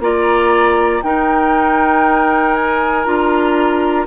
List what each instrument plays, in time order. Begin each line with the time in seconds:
0.00 bassoon A#3, clarinet F4, oboe D5, flute A#5
1.03 bassoon D#4, clarinet D#4, oboe A#4, flute G5
2.55 flute G#5
3.05 bassoon D4, clarinet F4, flute A#5